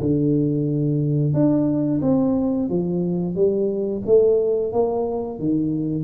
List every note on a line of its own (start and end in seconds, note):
0.00 1.34 D3
1.34 2.01 D4
2.02 2.69 C4
2.69 3.35 F3
3.35 4.03 G3
4.06 4.73 A3
4.73 5.39 A#3
5.39 6.04 D#3